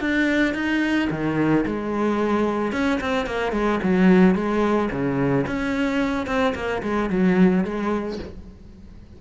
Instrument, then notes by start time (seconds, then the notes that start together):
cello
0.00 D4
0.54 D#4
1.10 D#3
1.66 G#3
2.72 C#4
3.00 C4
3.26 A#3
3.52 G#3
3.83 F#3
4.35 G#3
4.91 C#3
5.46 C#4
6.27 C4
6.55 A#3
6.83 G#3
7.10 F#3
7.64 G#3